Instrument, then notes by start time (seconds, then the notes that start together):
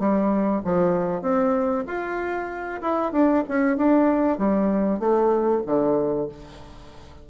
bassoon
0.00 G3
0.65 F3
1.22 C4
1.88 F4
2.82 E4
3.13 D4
3.49 C#4
3.78 D4
4.39 G3
5.00 A3
5.66 D3